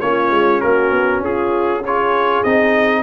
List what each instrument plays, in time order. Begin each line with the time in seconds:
0.00 tuba A#3, trombone C#4, horn F4, trumpet C#5
0.31 tuba G#3
0.60 tuba A#3, horn F#4, trumpet A#4
0.91 tuba B3
1.20 tuba C#4, horn F4, trumpet G#4
1.80 horn G#4, trumpet C#5
1.87 trombone F4
2.44 tuba C4, trombone D#4, trumpet D#5